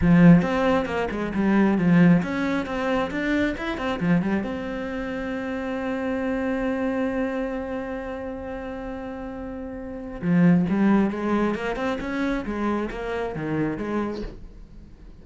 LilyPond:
\new Staff \with { instrumentName = "cello" } { \time 4/4 \tempo 4 = 135 f4 c'4 ais8 gis8 g4 | f4 cis'4 c'4 d'4 | e'8 c'8 f8 g8 c'2~ | c'1~ |
c'1~ | c'2. f4 | g4 gis4 ais8 c'8 cis'4 | gis4 ais4 dis4 gis4 | }